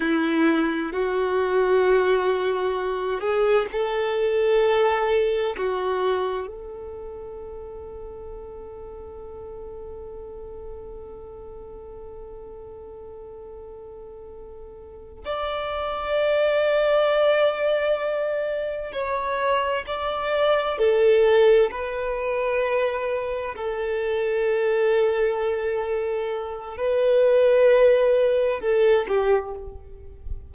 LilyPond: \new Staff \with { instrumentName = "violin" } { \time 4/4 \tempo 4 = 65 e'4 fis'2~ fis'8 gis'8 | a'2 fis'4 a'4~ | a'1~ | a'1~ |
a'8 d''2.~ d''8~ | d''8 cis''4 d''4 a'4 b'8~ | b'4. a'2~ a'8~ | a'4 b'2 a'8 g'8 | }